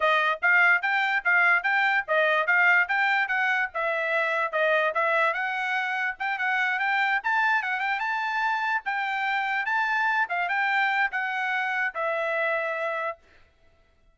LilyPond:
\new Staff \with { instrumentName = "trumpet" } { \time 4/4 \tempo 4 = 146 dis''4 f''4 g''4 f''4 | g''4 dis''4 f''4 g''4 | fis''4 e''2 dis''4 | e''4 fis''2 g''8 fis''8~ |
fis''8 g''4 a''4 fis''8 g''8 a''8~ | a''4. g''2 a''8~ | a''4 f''8 g''4. fis''4~ | fis''4 e''2. | }